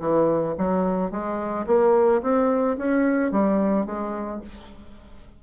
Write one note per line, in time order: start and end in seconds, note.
0.00 0.55 E3
0.58 1.11 F#3
1.11 1.66 G#3
1.67 2.22 A#3
2.22 2.77 C4
2.78 3.32 C#4
3.32 3.86 G3
3.86 4.41 G#3